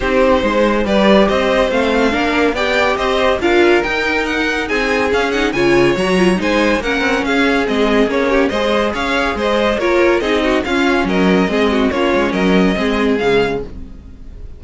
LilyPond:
<<
  \new Staff \with { instrumentName = "violin" } { \time 4/4 \tempo 4 = 141 c''2 d''4 dis''4 | f''2 g''4 dis''4 | f''4 g''4 fis''4 gis''4 | f''8 fis''8 gis''4 ais''4 gis''4 |
fis''4 f''4 dis''4 cis''4 | dis''4 f''4 dis''4 cis''4 | dis''4 f''4 dis''2 | cis''4 dis''2 f''4 | }
  \new Staff \with { instrumentName = "violin" } { \time 4/4 g'4 c''4 b'4 c''4~ | c''4 ais'4 d''4 c''4 | ais'2. gis'4~ | gis'4 cis''2 c''4 |
ais'4 gis'2~ gis'8 g'8 | c''4 cis''4 c''4 ais'4 | gis'8 fis'8 f'4 ais'4 gis'8 fis'8 | f'4 ais'4 gis'2 | }
  \new Staff \with { instrumentName = "viola" } { \time 4/4 dis'2 g'2 | c'4 d'4 g'2 | f'4 dis'2. | cis'8 dis'8 f'4 fis'8 f'8 dis'4 |
cis'2 c'4 cis'4 | gis'2. f'4 | dis'4 cis'2 c'4 | cis'2 c'4 gis4 | }
  \new Staff \with { instrumentName = "cello" } { \time 4/4 c'4 gis4 g4 c'4 | a4 ais4 b4 c'4 | d'4 dis'2 c'4 | cis'4 cis4 fis4 gis4 |
ais8 c'8 cis'4 gis4 ais4 | gis4 cis'4 gis4 ais4 | c'4 cis'4 fis4 gis4 | ais8 gis8 fis4 gis4 cis4 | }
>>